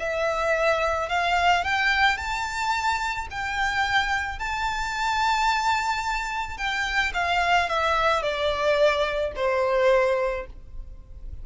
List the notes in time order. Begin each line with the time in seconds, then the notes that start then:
0.00 E5
1.10 F5
1.65 G5
2.18 A5
3.31 G5
4.40 A5
6.58 G5
7.14 F5
7.70 E5
8.22 D5
9.37 C5